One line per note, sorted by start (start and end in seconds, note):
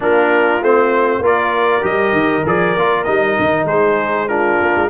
0.00 0.61 A#3
0.00 0.61 D4
0.00 1.22 F4
0.00 0.63 A#4
0.61 1.19 A3
0.61 1.22 C4
0.61 1.24 C5
1.19 1.80 A#3
1.19 1.81 F4
1.19 3.66 A#4
1.25 1.85 D5
1.81 2.12 G3
1.81 2.42 G4
1.81 2.46 D#5
2.12 2.43 D#3
2.45 2.76 F3
2.45 2.76 G#4
2.45 3.04 D5
2.76 3.07 A#3
2.76 3.06 F4
3.04 3.38 G3
3.04 4.28 D#4
3.04 3.65 D#5
3.38 3.64 D#3
3.64 4.56 G#3
3.64 4.27 G#4
3.64 4.28 C5
4.28 4.89 D4
4.28 4.89 F4
4.28 4.89 A#4
4.61 4.76 A#3
4.76 4.89 G#3